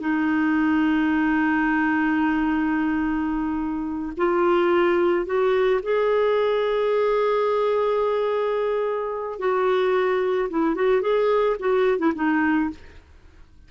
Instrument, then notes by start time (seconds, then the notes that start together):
clarinet
0.00 D#4
4.18 F4
5.26 F#4
5.83 G#4
9.39 F#4
10.50 E4
10.76 F#4
11.02 G#4
11.60 F#4
11.99 E4
12.16 D#4